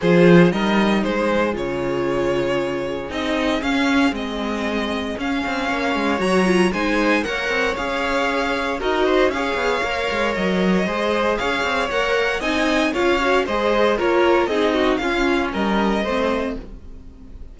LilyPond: <<
  \new Staff \with { instrumentName = "violin" } { \time 4/4 \tempo 4 = 116 c''4 dis''4 c''4 cis''4~ | cis''2 dis''4 f''4 | dis''2 f''2 | ais''4 gis''4 fis''4 f''4~ |
f''4 dis''4 f''2 | dis''2 f''4 fis''4 | gis''4 f''4 dis''4 cis''4 | dis''4 f''4 dis''2 | }
  \new Staff \with { instrumentName = "violin" } { \time 4/4 gis'4 ais'4 gis'2~ | gis'1~ | gis'2. cis''4~ | cis''4 c''4 cis''2~ |
cis''4 ais'8 c''8 cis''2~ | cis''4 c''4 cis''2 | dis''4 cis''4 c''4 ais'4 | gis'8 fis'8 f'4 ais'4 c''4 | }
  \new Staff \with { instrumentName = "viola" } { \time 4/4 f'4 dis'2 f'4~ | f'2 dis'4 cis'4 | c'2 cis'2 | fis'8 f'8 dis'4 ais'4 gis'4~ |
gis'4 fis'4 gis'4 ais'4~ | ais'4 gis'2 ais'4 | dis'4 f'8 fis'8 gis'4 f'4 | dis'4 cis'2 c'4 | }
  \new Staff \with { instrumentName = "cello" } { \time 4/4 f4 g4 gis4 cis4~ | cis2 c'4 cis'4 | gis2 cis'8 c'8 ais8 gis8 | fis4 gis4 ais8 c'8 cis'4~ |
cis'4 dis'4 cis'8 b8 ais8 gis8 | fis4 gis4 cis'8 c'8 ais4 | c'4 cis'4 gis4 ais4 | c'4 cis'4 g4 a4 | }
>>